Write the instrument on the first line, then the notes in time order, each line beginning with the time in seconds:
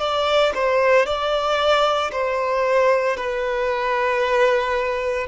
violin
0.00 D5
0.55 C5
1.06 D5
2.11 C5
3.17 B4